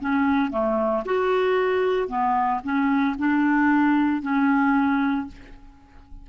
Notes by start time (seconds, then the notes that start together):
0.00 C#4
0.51 A3
1.05 F#4
2.08 B3
2.63 C#4
3.18 D4
4.22 C#4